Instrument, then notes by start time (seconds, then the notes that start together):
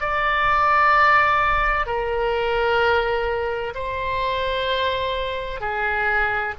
oboe
0.00 D5
1.86 A#4
3.74 C5
5.60 G#4